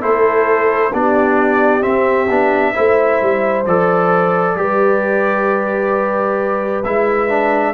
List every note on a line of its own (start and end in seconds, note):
0.00 0.92 A3
0.00 0.91 E4
0.00 0.91 A4
0.00 0.93 C5
0.92 1.83 B3
0.92 1.81 D4
0.92 2.74 G4
0.92 1.82 D5
1.81 2.27 C4
1.81 2.29 C4
1.81 3.64 E5
2.29 2.74 B3
2.29 2.74 D4
2.74 3.21 A3
2.74 3.65 E4
2.74 4.57 C5
3.21 3.66 G3
3.66 4.55 F3
3.66 4.56 A4
3.66 6.83 D5
4.55 6.83 G3
4.55 6.84 G4
4.55 7.73 B4
6.83 7.73 G#3
6.83 7.29 E4
6.83 7.73 E5
7.29 7.73 D4